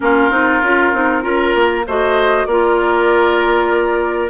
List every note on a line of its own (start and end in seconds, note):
0.00 0.30 A#3
0.00 0.30 C#4
0.00 1.23 F4
0.00 1.86 A#4
0.30 0.61 C4
0.30 0.61 D#4
0.62 0.93 C#4
0.62 0.93 F4
0.93 1.23 C4
0.93 1.21 D#4
1.21 1.54 C#4
1.21 1.83 F4
1.21 1.85 A#4
1.54 1.85 A#3
1.86 2.46 A3
1.86 2.49 F#4
1.86 2.47 C5
1.86 2.45 D#5
2.45 4.30 A#3
2.45 4.30 F4
2.45 4.30 A#4
2.45 4.30 D5